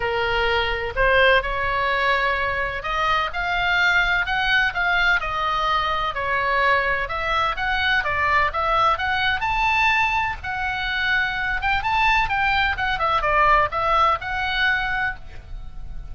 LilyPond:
\new Staff \with { instrumentName = "oboe" } { \time 4/4 \tempo 4 = 127 ais'2 c''4 cis''4~ | cis''2 dis''4 f''4~ | f''4 fis''4 f''4 dis''4~ | dis''4 cis''2 e''4 |
fis''4 d''4 e''4 fis''4 | a''2 fis''2~ | fis''8 g''8 a''4 g''4 fis''8 e''8 | d''4 e''4 fis''2 | }